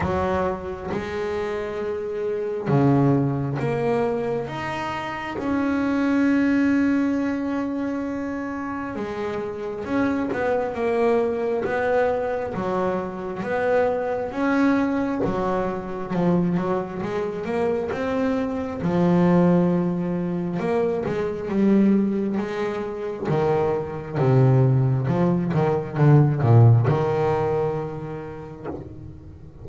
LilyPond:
\new Staff \with { instrumentName = "double bass" } { \time 4/4 \tempo 4 = 67 fis4 gis2 cis4 | ais4 dis'4 cis'2~ | cis'2 gis4 cis'8 b8 | ais4 b4 fis4 b4 |
cis'4 fis4 f8 fis8 gis8 ais8 | c'4 f2 ais8 gis8 | g4 gis4 dis4 c4 | f8 dis8 d8 ais,8 dis2 | }